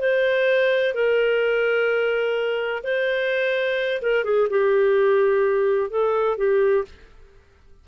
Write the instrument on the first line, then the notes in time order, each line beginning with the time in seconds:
clarinet
0.00 C5
0.95 A#4
2.84 C5
4.02 A#4
4.25 G#4
4.51 G4
5.91 A4
6.38 G4